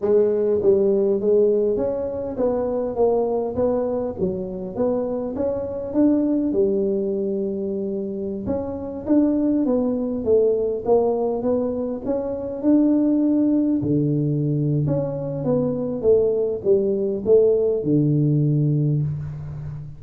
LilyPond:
\new Staff \with { instrumentName = "tuba" } { \time 4/4 \tempo 4 = 101 gis4 g4 gis4 cis'4 | b4 ais4 b4 fis4 | b4 cis'4 d'4 g4~ | g2~ g16 cis'4 d'8.~ |
d'16 b4 a4 ais4 b8.~ | b16 cis'4 d'2 d8.~ | d4 cis'4 b4 a4 | g4 a4 d2 | }